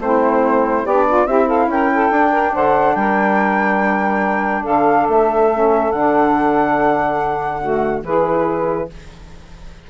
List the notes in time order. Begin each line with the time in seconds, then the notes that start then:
0.00 A3 C4 E4 C5
0.85 B3 D4 G4 D5
1.08 F4
1.26 C4 E4 G4 E5
1.47 A4 F5
1.68 C#4 A#4 G5
1.94 A4
2.11 D4
2.32 A#4
2.54 D3 C5 F#5
2.96 G3 A#4 G5
4.63 D3 A4 F5
5.09 A3 E5
5.53 C#4
5.92 D3 D4 F#5
7.62 A3 F#4
8.03 E3 E4 G#4 B4